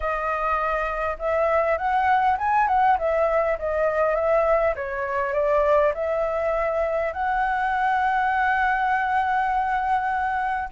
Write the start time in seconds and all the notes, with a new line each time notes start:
0.00 D#5
1.19 E5
1.77 F#5
2.38 G#5
2.67 F#5
2.98 E5
3.58 D#5
4.14 E5
4.75 C#5
5.33 D5
5.94 E5
7.12 F#5